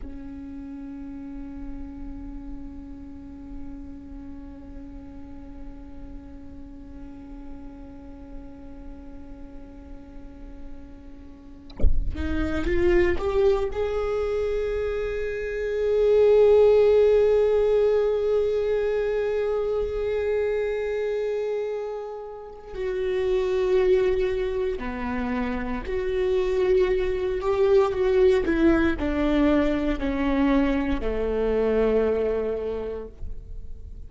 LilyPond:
\new Staff \with { instrumentName = "viola" } { \time 4/4 \tempo 4 = 58 cis'1~ | cis'1~ | cis'2.~ cis'8. dis'16~ | dis'16 f'8 g'8 gis'2~ gis'8.~ |
gis'1~ | gis'2 fis'2 | b4 fis'4. g'8 fis'8 e'8 | d'4 cis'4 a2 | }